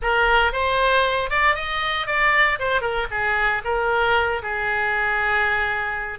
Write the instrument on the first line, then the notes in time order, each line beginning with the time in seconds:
oboe
0.01 A#4
0.52 C5
1.29 D5
1.55 D#5
2.07 D5
2.59 C5
2.81 A#4
3.10 G#4
3.64 A#4
4.42 G#4